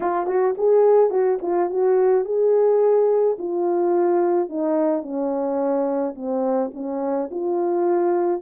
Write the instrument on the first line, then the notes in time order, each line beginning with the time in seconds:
horn
0.00 F4
0.27 F#4
0.57 G#4
1.10 F#4
1.41 F4
1.70 F#4
2.25 G#4
3.38 F4
4.49 D#4
5.02 C#4
6.15 C4
6.73 C#4
7.30 F4